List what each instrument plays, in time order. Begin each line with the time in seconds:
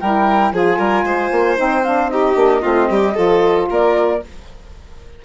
0.00 bassoon G3, saxophone E4, violin A#4, flute G5
0.52 bassoon F3, saxophone F4, violin G#4, flute G#5
0.78 bassoon G3, violin A#4
1.04 bassoon G#3, violin C5
1.31 bassoon A#3
1.57 bassoon C4, saxophone D#4, flute G5
1.84 saxophone D4, flute F5
2.10 saxophone D#4, violin G4, flute D#5
2.35 bassoon A#3, saxophone D4
2.60 bassoon A3, saxophone C4, violin F4
2.89 bassoon G3, violin G4
3.14 bassoon F3, saxophone F4, violin A4
3.70 bassoon A#3, violin A#4, flute D5